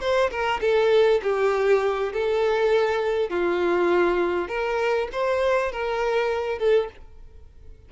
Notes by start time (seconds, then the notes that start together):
0.00 C5
0.30 A#4
0.61 A4
1.22 G4
2.13 A4
3.30 F4
4.48 A#4
5.12 C5
5.72 A#4
6.58 A4